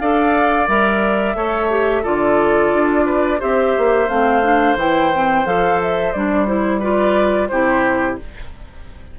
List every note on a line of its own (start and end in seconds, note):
0.00 0.68 D4
0.00 0.68 A4
0.00 1.37 D5
0.00 0.68 F5
0.68 1.36 G3
0.68 1.35 A#4
0.68 2.05 E5
1.35 2.04 A3
1.35 1.69 A4
1.35 2.03 C#5
1.70 2.04 G4
2.03 2.74 D3
2.03 3.40 F4
2.03 3.05 A4
2.03 3.41 D5
2.74 3.42 D4
3.06 3.40 B4
3.40 3.77 C4
3.40 4.08 G4
3.40 6.80 C5
3.40 4.09 E5
3.78 4.09 A#3
4.09 4.76 A3
4.09 4.43 C4
4.09 4.77 F5
4.43 4.77 D4
4.76 5.44 E3
4.76 5.13 E4
4.76 5.47 G5
5.14 5.46 C4
5.46 6.14 F3
5.46 6.14 A4
5.46 5.81 F5
5.82 6.13 E5
6.13 7.51 G3
6.13 6.47 D4
6.13 6.47 D5
6.47 6.81 E4
6.47 6.81 C5
6.80 7.50 F4
6.80 7.48 B4
6.80 7.48 D5
7.48 8.19 C3
7.48 8.19 E4
7.48 8.20 G4
7.48 8.16 C5